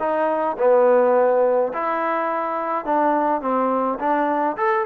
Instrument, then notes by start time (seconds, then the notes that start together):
trombone
0.00 D#4
0.59 B3
1.74 E4
2.86 D4
3.42 C4
4.00 D4
4.57 A4